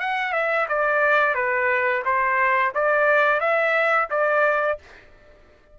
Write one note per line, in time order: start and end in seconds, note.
0.00 0.33 F#5
0.33 0.67 E5
0.68 1.35 D5
1.35 2.03 B4
2.05 2.73 C5
2.75 3.40 D5
3.40 4.08 E5
4.10 4.79 D5